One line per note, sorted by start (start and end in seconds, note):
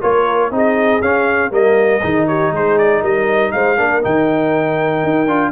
0.00 0.51 A#3
0.00 0.51 F4
0.00 0.50 A#4
0.00 0.51 C#5
0.51 1.01 C4
0.51 1.01 D#4
0.51 1.51 G#4
0.57 1.02 D#5
1.01 1.51 C#4
1.01 1.50 C#4
1.01 1.52 F5
1.50 2.01 G3
1.50 2.00 A#3
1.50 2.01 A#4
1.50 2.27 D#5
2.02 2.51 D#3
2.02 3.76 D#4
2.02 2.27 G#4
2.27 2.52 G4
2.27 2.52 C#5
2.51 3.01 G#3
2.51 3.02 G#4
2.51 2.78 C5
2.78 3.03 D5
3.02 3.52 G3
3.02 3.52 A#4
3.02 3.51 D#5
3.51 3.79 G#3
3.51 3.76 C5
3.51 4.01 F5
3.76 4.04 A#3
3.76 4.01 D4
3.76 5.51 A#4
4.01 5.04 D#3
4.01 5.26 D#4
4.01 5.52 G5
5.04 5.26 D#4
5.26 5.51 D4
5.26 5.52 F4